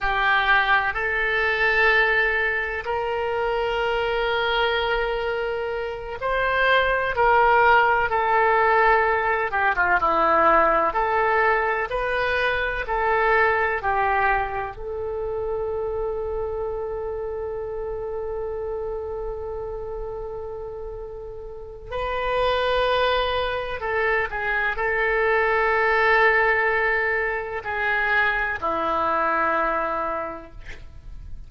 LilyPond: \new Staff \with { instrumentName = "oboe" } { \time 4/4 \tempo 4 = 63 g'4 a'2 ais'4~ | ais'2~ ais'8 c''4 ais'8~ | ais'8 a'4. g'16 f'16 e'4 a'8~ | a'8 b'4 a'4 g'4 a'8~ |
a'1~ | a'2. b'4~ | b'4 a'8 gis'8 a'2~ | a'4 gis'4 e'2 | }